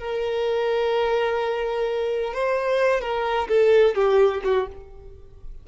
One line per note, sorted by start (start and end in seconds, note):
0.00 2.34 A#4
2.34 3.01 C5
3.01 3.48 A#4
3.49 3.95 A4
3.95 4.42 G4
4.45 4.68 F#4